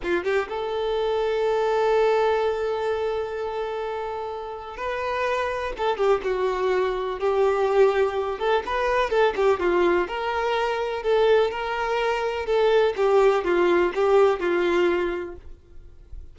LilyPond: \new Staff \with { instrumentName = "violin" } { \time 4/4 \tempo 4 = 125 f'8 g'8 a'2.~ | a'1~ | a'2 b'2 | a'8 g'8 fis'2 g'4~ |
g'4. a'8 b'4 a'8 g'8 | f'4 ais'2 a'4 | ais'2 a'4 g'4 | f'4 g'4 f'2 | }